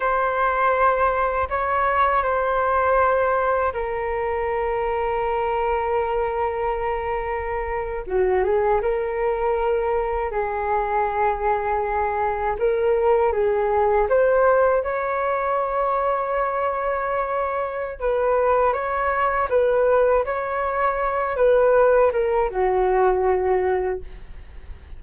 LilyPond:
\new Staff \with { instrumentName = "flute" } { \time 4/4 \tempo 4 = 80 c''2 cis''4 c''4~ | c''4 ais'2.~ | ais'2~ ais'8. fis'8 gis'8 ais'16~ | ais'4.~ ais'16 gis'2~ gis'16~ |
gis'8. ais'4 gis'4 c''4 cis''16~ | cis''1 | b'4 cis''4 b'4 cis''4~ | cis''8 b'4 ais'8 fis'2 | }